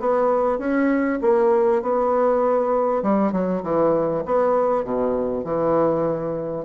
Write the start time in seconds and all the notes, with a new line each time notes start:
0.00 B3
0.59 C#4
1.21 A#3
1.82 B3
3.02 G3
3.32 F#3
3.63 E3
4.25 B3
4.84 B2
5.44 E3